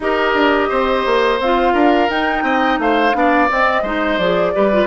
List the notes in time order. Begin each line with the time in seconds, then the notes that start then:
0.00 D#4 G4 A#4 D#5
0.34 D4
0.69 C4 C5
1.05 A#3
1.40 C4 F4 F5
1.73 D4 A#4
2.09 D#4 G5
2.43 C4 D#5
2.78 A3 C5 F5
3.13 B3 D4 D5
3.48 C4 D#5
3.82 G#3 D#4 C5
4.18 F3 G#4 D5
4.53 G3 G4 B4
4.72 F4